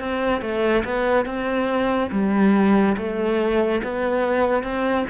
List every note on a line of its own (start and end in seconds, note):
0.00 0.41 C4
0.41 0.84 A3
0.85 1.26 B3
1.26 2.10 C4
2.12 2.97 G3
2.98 3.82 A3
3.84 4.64 B3
4.64 5.06 C4